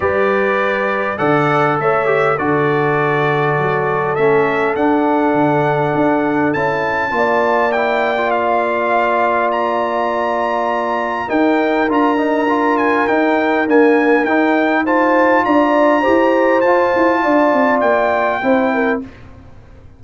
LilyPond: <<
  \new Staff \with { instrumentName = "trumpet" } { \time 4/4 \tempo 4 = 101 d''2 fis''4 e''4 | d''2. e''4 | fis''2. a''4~ | a''4 g''4 f''2 |
ais''2. g''4 | ais''4. gis''8 g''4 gis''4 | g''4 a''4 ais''2 | a''2 g''2 | }
  \new Staff \with { instrumentName = "horn" } { \time 4/4 b'2 d''4 cis''4 | a'1~ | a'1 | d''1~ |
d''2. ais'4~ | ais'1~ | ais'4 c''4 d''4 c''4~ | c''4 d''2 c''8 ais'8 | }
  \new Staff \with { instrumentName = "trombone" } { \time 4/4 g'2 a'4. g'8 | fis'2. cis'4 | d'2. e'4 | f'4 e'8. f'2~ f'16~ |
f'2. dis'4 | f'8 dis'8 f'4 dis'4 ais4 | dis'4 f'2 g'4 | f'2. e'4 | }
  \new Staff \with { instrumentName = "tuba" } { \time 4/4 g2 d4 a4 | d2 fis4 a4 | d'4 d4 d'4 cis'4 | ais1~ |
ais2. dis'4 | d'2 dis'4 d'4 | dis'2 d'4 e'4 | f'8 e'8 d'8 c'8 ais4 c'4 | }
>>